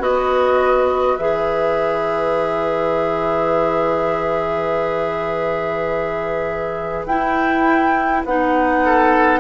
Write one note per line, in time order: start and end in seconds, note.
0.00 1.18 B3
0.00 1.18 F#4
0.00 8.84 B4
0.00 1.17 D#5
1.17 7.06 E3
1.17 7.08 G#4
1.17 7.06 E5
7.06 8.24 E4
7.06 8.27 E4
7.06 8.24 G5
8.25 9.40 B3
8.25 9.40 D#4
8.25 9.40 F#5
8.86 9.40 A4